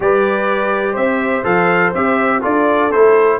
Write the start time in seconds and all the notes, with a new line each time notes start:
0.00 G3 G4 B4 D5
0.93 C4 C5 E5
1.43 F3 A4 F5
1.94 C4 G4 E5
2.41 D4 F4 A4 D5
2.91 A3 E4 C5